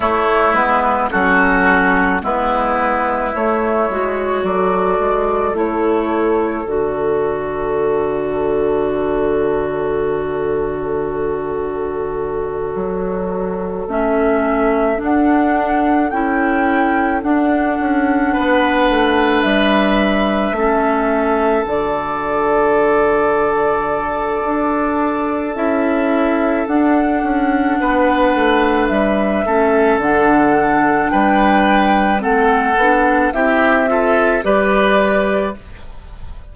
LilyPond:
<<
  \new Staff \with { instrumentName = "flute" } { \time 4/4 \tempo 4 = 54 cis''8 b'8 a'4 b'4 cis''4 | d''4 cis''4 d''2~ | d''1~ | d''8 e''4 fis''4 g''4 fis''8~ |
fis''4. e''2 d''8~ | d''2. e''4 | fis''2 e''4 fis''4 | g''4 fis''4 e''4 d''4 | }
  \new Staff \with { instrumentName = "oboe" } { \time 4/4 e'4 fis'4 e'2 | a'1~ | a'1~ | a'1~ |
a'8 b'2 a'4.~ | a'1~ | a'4 b'4. a'4. | b'4 a'4 g'8 a'8 b'4 | }
  \new Staff \with { instrumentName = "clarinet" } { \time 4/4 a8 b8 cis'4 b4 a8 fis'8~ | fis'4 e'4 fis'2~ | fis'1~ | fis'8 cis'4 d'4 e'4 d'8~ |
d'2~ d'8 cis'4 fis'8~ | fis'2. e'4 | d'2~ d'8 cis'8 d'4~ | d'4 c'8 d'8 e'8 f'8 g'4 | }
  \new Staff \with { instrumentName = "bassoon" } { \time 4/4 a8 gis8 fis4 gis4 a8 gis8 | fis8 gis8 a4 d2~ | d2.~ d8 fis8~ | fis8 a4 d'4 cis'4 d'8 |
cis'8 b8 a8 g4 a4 d8~ | d2 d'4 cis'4 | d'8 cis'8 b8 a8 g8 a8 d4 | g4 a8 b8 c'4 g4 | }
>>